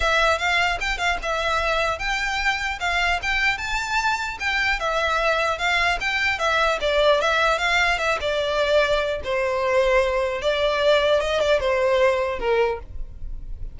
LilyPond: \new Staff \with { instrumentName = "violin" } { \time 4/4 \tempo 4 = 150 e''4 f''4 g''8 f''8 e''4~ | e''4 g''2 f''4 | g''4 a''2 g''4 | e''2 f''4 g''4 |
e''4 d''4 e''4 f''4 | e''8 d''2~ d''8 c''4~ | c''2 d''2 | dis''8 d''8 c''2 ais'4 | }